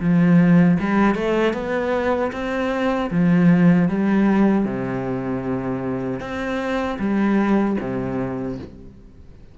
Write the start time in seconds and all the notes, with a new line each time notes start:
0.00 F3
0.79 G3
1.14 A3
1.53 B3
2.32 C4
3.11 F3
3.89 G3
4.65 C3
6.20 C4
6.99 G3
7.80 C3